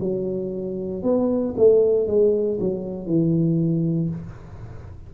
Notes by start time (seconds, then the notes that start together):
0.00 F#3
1.03 B3
1.57 A3
2.07 G#3
2.60 F#3
3.07 E3